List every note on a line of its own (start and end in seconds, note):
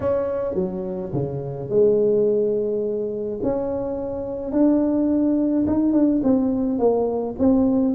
0.00 0.54 C#4
0.54 1.11 F#3
1.12 1.69 C#3
1.69 3.39 G#3
3.42 4.52 C#4
4.52 5.65 D4
5.66 5.92 D#4
5.92 6.21 D4
6.23 6.78 C4
6.78 7.35 A#3
7.38 7.94 C4